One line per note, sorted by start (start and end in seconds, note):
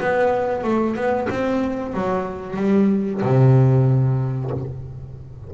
0.00 0.64 B3
0.64 0.96 A3
0.96 1.28 B3
1.29 1.94 C4
1.94 2.56 F#3
2.56 3.21 G3
3.22 4.51 C3